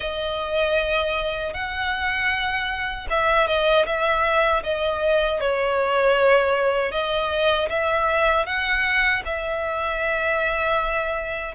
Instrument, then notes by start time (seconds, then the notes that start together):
violin
0.00 D#5
1.53 F#5
3.09 E5
3.47 D#5
3.85 E5
4.63 D#5
5.40 C#5
6.91 D#5
7.69 E5
8.45 F#5
9.25 E5